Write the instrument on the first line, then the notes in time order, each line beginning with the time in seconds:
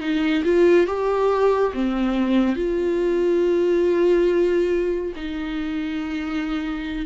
viola
0.00 D#4
0.44 F4
0.86 G4
1.73 C4
2.56 F4
5.15 D#4